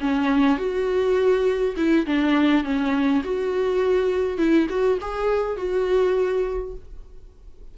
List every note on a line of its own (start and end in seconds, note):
0.00 0.57 C#4
0.57 1.75 F#4
1.76 2.06 E4
2.06 2.64 D4
2.64 3.22 C#4
3.24 4.37 F#4
4.37 4.67 E4
4.69 4.98 F#4
5.01 5.56 G#4
5.56 6.74 F#4